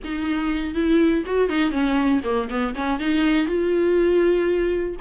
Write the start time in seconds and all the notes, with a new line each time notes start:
0.04 D#4
0.74 E4
1.25 F#4
1.49 D#4
1.71 C#4
2.24 A#3
2.49 B3
2.75 C#4
2.99 D#4
3.46 F4